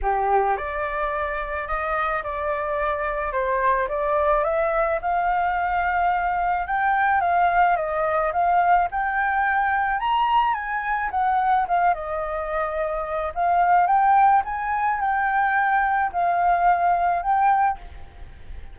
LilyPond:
\new Staff \with { instrumentName = "flute" } { \time 4/4 \tempo 4 = 108 g'4 d''2 dis''4 | d''2 c''4 d''4 | e''4 f''2. | g''4 f''4 dis''4 f''4 |
g''2 ais''4 gis''4 | fis''4 f''8 dis''2~ dis''8 | f''4 g''4 gis''4 g''4~ | g''4 f''2 g''4 | }